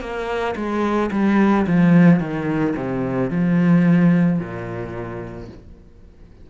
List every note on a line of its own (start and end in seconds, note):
0.00 0.55 A#3
0.56 1.10 G#3
1.11 1.66 G3
1.67 2.20 F3
2.20 2.74 D#3
2.76 3.30 C3
3.30 4.39 F3
4.39 5.48 A#2